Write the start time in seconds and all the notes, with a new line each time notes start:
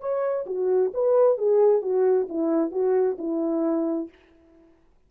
0.00 C#5
0.46 F#4
0.94 B4
1.38 G#4
1.82 F#4
2.29 E4
2.71 F#4
3.18 E4